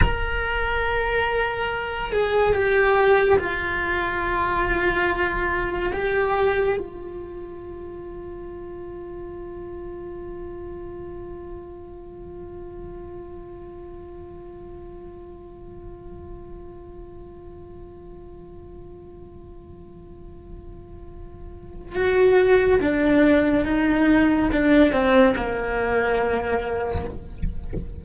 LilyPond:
\new Staff \with { instrumentName = "cello" } { \time 4/4 \tempo 4 = 71 ais'2~ ais'8 gis'8 g'4 | f'2. g'4 | f'1~ | f'1~ |
f'1~ | f'1~ | f'2 fis'4 d'4 | dis'4 d'8 c'8 ais2 | }